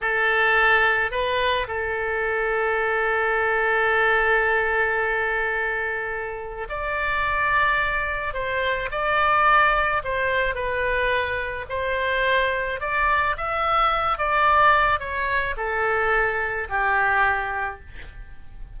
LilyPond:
\new Staff \with { instrumentName = "oboe" } { \time 4/4 \tempo 4 = 108 a'2 b'4 a'4~ | a'1~ | a'1 | d''2. c''4 |
d''2 c''4 b'4~ | b'4 c''2 d''4 | e''4. d''4. cis''4 | a'2 g'2 | }